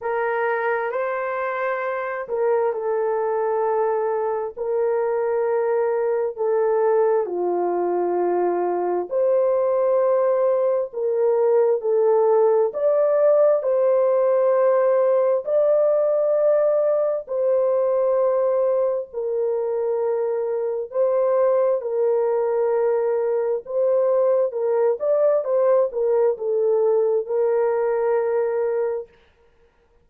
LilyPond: \new Staff \with { instrumentName = "horn" } { \time 4/4 \tempo 4 = 66 ais'4 c''4. ais'8 a'4~ | a'4 ais'2 a'4 | f'2 c''2 | ais'4 a'4 d''4 c''4~ |
c''4 d''2 c''4~ | c''4 ais'2 c''4 | ais'2 c''4 ais'8 d''8 | c''8 ais'8 a'4 ais'2 | }